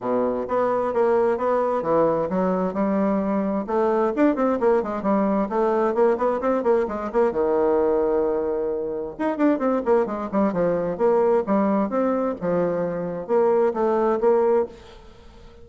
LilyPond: \new Staff \with { instrumentName = "bassoon" } { \time 4/4 \tempo 4 = 131 b,4 b4 ais4 b4 | e4 fis4 g2 | a4 d'8 c'8 ais8 gis8 g4 | a4 ais8 b8 c'8 ais8 gis8 ais8 |
dis1 | dis'8 d'8 c'8 ais8 gis8 g8 f4 | ais4 g4 c'4 f4~ | f4 ais4 a4 ais4 | }